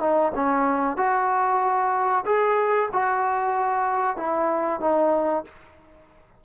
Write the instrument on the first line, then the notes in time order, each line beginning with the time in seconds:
trombone
0.00 D#4
0.35 C#4
0.97 F#4
2.25 G#4
2.93 F#4
4.17 E4
4.80 D#4